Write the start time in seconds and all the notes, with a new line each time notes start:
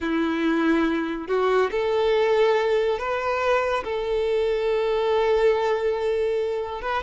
0.00 E4
1.27 F#4
1.71 A4
2.98 B4
3.84 A4
6.81 B4